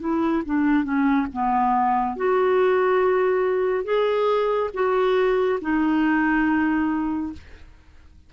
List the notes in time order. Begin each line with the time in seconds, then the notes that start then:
0.00 E4
0.46 D4
0.84 C#4
1.33 B3
2.16 F#4
3.85 G#4
4.74 F#4
5.61 D#4